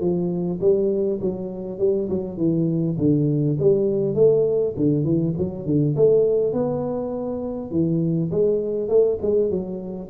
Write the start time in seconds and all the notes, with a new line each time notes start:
0.00 F3
0.60 G3
1.21 F#3
1.79 G3
2.09 F#3
2.37 E3
2.98 D3
3.59 G3
4.14 A3
4.77 D3
5.04 E3
5.38 F#3
5.66 D3
5.96 A3
6.53 B3
7.71 E3
8.31 G#3
8.88 A3
9.22 G#3
9.50 F#3